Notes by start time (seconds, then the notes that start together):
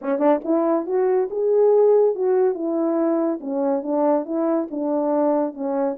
0.01 C#4
0.18 D4
0.44 E4
0.86 F#4
1.30 G#4
2.15 F#4
2.54 E4
3.40 C#4
3.83 D4
4.25 E4
4.70 D4
5.54 C#4